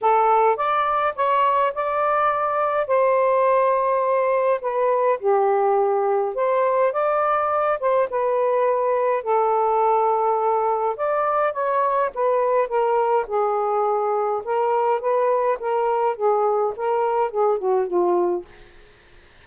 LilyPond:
\new Staff \with { instrumentName = "saxophone" } { \time 4/4 \tempo 4 = 104 a'4 d''4 cis''4 d''4~ | d''4 c''2. | b'4 g'2 c''4 | d''4. c''8 b'2 |
a'2. d''4 | cis''4 b'4 ais'4 gis'4~ | gis'4 ais'4 b'4 ais'4 | gis'4 ais'4 gis'8 fis'8 f'4 | }